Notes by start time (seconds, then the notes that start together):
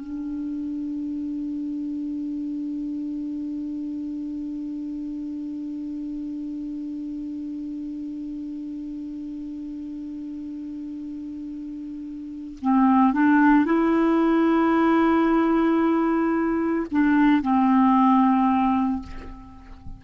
0.00 D4
12.61 C4
13.13 D4
13.65 E4
16.91 D4
17.42 C4